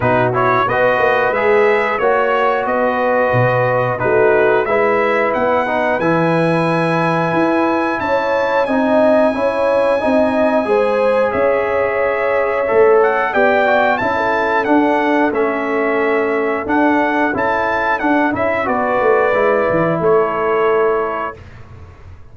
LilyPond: <<
  \new Staff \with { instrumentName = "trumpet" } { \time 4/4 \tempo 4 = 90 b'8 cis''8 dis''4 e''4 cis''4 | dis''2 b'4 e''4 | fis''4 gis''2. | a''4 gis''2.~ |
gis''4 e''2~ e''8 fis''8 | g''4 a''4 fis''4 e''4~ | e''4 fis''4 a''4 fis''8 e''8 | d''2 cis''2 | }
  \new Staff \with { instrumentName = "horn" } { \time 4/4 fis'4 b'2 cis''4 | b'2 fis'4 b'4~ | b'1 | cis''4 dis''4 cis''4 dis''4 |
c''4 cis''2. | d''4 e''16 a'2~ a'8.~ | a'1 | b'2 a'2 | }
  \new Staff \with { instrumentName = "trombone" } { \time 4/4 dis'8 e'8 fis'4 gis'4 fis'4~ | fis'2 dis'4 e'4~ | e'8 dis'8 e'2.~ | e'4 dis'4 e'4 dis'4 |
gis'2. a'4 | g'8 fis'8 e'4 d'4 cis'4~ | cis'4 d'4 e'4 d'8 e'8 | fis'4 e'2. | }
  \new Staff \with { instrumentName = "tuba" } { \time 4/4 b,4 b8 ais8 gis4 ais4 | b4 b,4 a4 gis4 | b4 e2 e'4 | cis'4 c'4 cis'4 c'4 |
gis4 cis'2 a4 | b4 cis'4 d'4 a4~ | a4 d'4 cis'4 d'8 cis'8 | b8 a8 gis8 e8 a2 | }
>>